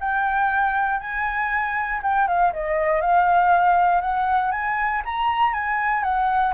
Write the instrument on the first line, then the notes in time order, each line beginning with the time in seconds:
flute
0.00 G5
1.00 G#5
2.02 G5
2.27 F5
2.53 D#5
3.01 F5
4.01 F#5
4.51 G#5
5.05 A#5
5.53 G#5
6.03 F#5